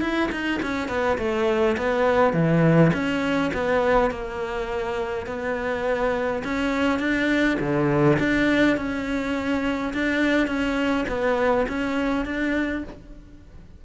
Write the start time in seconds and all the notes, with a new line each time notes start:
0.00 E4
0.32 D#4
0.62 C#4
0.88 B3
1.18 A3
1.77 B3
2.33 E3
2.93 C#4
3.53 B3
4.10 A#3
5.26 B3
6.44 C#4
6.99 D4
7.60 D3
8.19 D4
8.76 C#4
9.93 D4
10.47 C#4
11.08 B3
11.68 C#4
12.25 D4